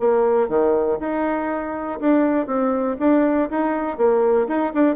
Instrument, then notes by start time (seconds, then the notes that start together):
bassoon
0.00 A#3
0.49 D#3
1.00 D#4
2.00 D4
2.47 C4
3.00 D4
3.50 D#4
3.98 A#3
4.48 D#4
4.74 D4